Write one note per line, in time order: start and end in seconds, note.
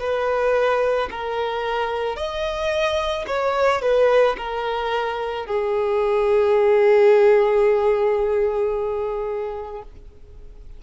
0.00 1.09 B4
1.11 2.16 A#4
2.16 3.25 D#5
3.27 3.82 C#5
3.82 4.36 B4
4.37 5.46 A#4
5.46 9.82 G#4